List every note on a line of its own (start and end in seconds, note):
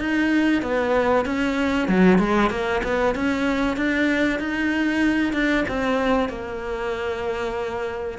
0.00 0.62 D#4
0.62 1.25 B3
1.25 1.88 C#4
1.88 2.19 F#3
2.19 2.50 G#3
2.50 2.82 A#3
2.83 3.15 B3
3.15 3.76 C#4
3.76 4.40 D4
4.40 5.33 D#4
5.33 5.64 D4
5.68 6.29 C4
6.29 8.18 A#3